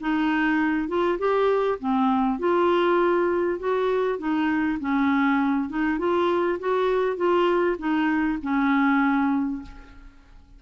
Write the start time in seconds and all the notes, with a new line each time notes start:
0.00 D#4
0.88 F4
1.18 G4
1.79 C4
2.39 F4
3.59 F#4
4.19 D#4
4.79 C#4
5.69 D#4
5.99 F4
6.59 F#4
7.16 F4
7.78 D#4
8.42 C#4